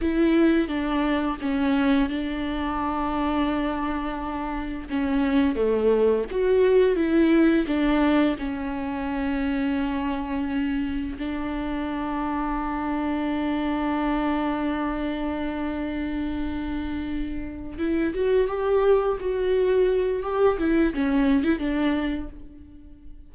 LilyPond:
\new Staff \with { instrumentName = "viola" } { \time 4/4 \tempo 4 = 86 e'4 d'4 cis'4 d'4~ | d'2. cis'4 | a4 fis'4 e'4 d'4 | cis'1 |
d'1~ | d'1~ | d'4. e'8 fis'8 g'4 fis'8~ | fis'4 g'8 e'8 cis'8. e'16 d'4 | }